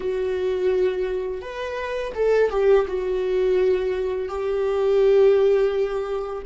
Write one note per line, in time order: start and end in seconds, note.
0.00 1.41 F#4
1.41 2.12 B4
2.14 2.50 A4
2.50 2.86 G4
2.87 4.28 F#4
4.28 6.42 G4